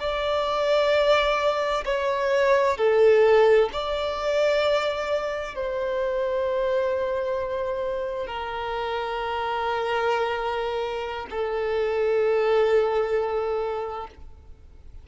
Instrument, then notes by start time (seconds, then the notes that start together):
violin
0.00 D5
1.85 C#5
2.78 A4
3.73 D5
5.56 C5
8.27 A#4
11.31 A4